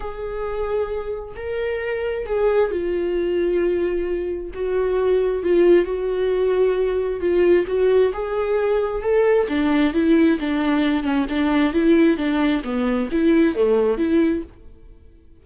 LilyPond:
\new Staff \with { instrumentName = "viola" } { \time 4/4 \tempo 4 = 133 gis'2. ais'4~ | ais'4 gis'4 f'2~ | f'2 fis'2 | f'4 fis'2. |
f'4 fis'4 gis'2 | a'4 d'4 e'4 d'4~ | d'8 cis'8 d'4 e'4 d'4 | b4 e'4 a4 e'4 | }